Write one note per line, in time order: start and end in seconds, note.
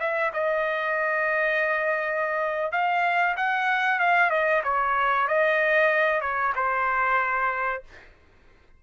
0.00 0.32 E5
0.34 2.72 D#5
2.72 3.36 F5
3.37 4.00 F#5
4.00 4.30 F5
4.30 4.62 D#5
4.64 5.28 C#5
5.28 6.21 D#5
6.21 6.53 C#5
6.56 7.83 C5